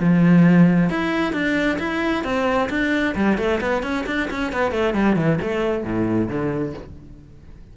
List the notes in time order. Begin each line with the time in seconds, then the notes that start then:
0.00 F3
0.90 E4
1.33 D4
1.79 E4
2.24 C4
2.70 D4
3.16 G3
3.38 A3
3.61 B3
3.83 C#4
4.07 D4
4.31 C#4
4.53 B3
4.72 A3
4.94 G3
5.16 E3
5.42 A3
5.84 A2
6.29 D3